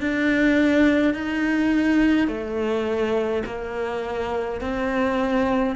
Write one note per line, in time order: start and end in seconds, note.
0.00 1.14 D4
1.14 2.28 D#4
2.28 3.43 A3
3.45 4.60 A#3
4.60 5.76 C4